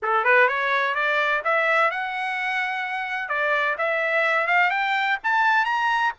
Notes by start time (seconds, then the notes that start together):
0.02 A4
0.24 B4
0.48 C#5
0.94 D5
1.44 E5
1.90 F#5
3.28 D5
3.78 E5
4.47 F5
4.70 G5
5.23 A5
5.65 A#5